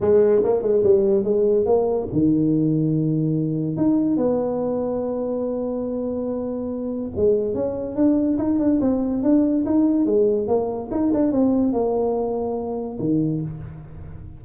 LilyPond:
\new Staff \with { instrumentName = "tuba" } { \time 4/4 \tempo 4 = 143 gis4 ais8 gis8 g4 gis4 | ais4 dis2.~ | dis4 dis'4 b2~ | b1~ |
b4 gis4 cis'4 d'4 | dis'8 d'8 c'4 d'4 dis'4 | gis4 ais4 dis'8 d'8 c'4 | ais2. dis4 | }